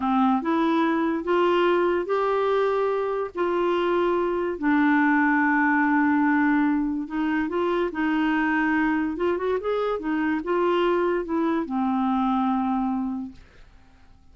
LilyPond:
\new Staff \with { instrumentName = "clarinet" } { \time 4/4 \tempo 4 = 144 c'4 e'2 f'4~ | f'4 g'2. | f'2. d'4~ | d'1~ |
d'4 dis'4 f'4 dis'4~ | dis'2 f'8 fis'8 gis'4 | dis'4 f'2 e'4 | c'1 | }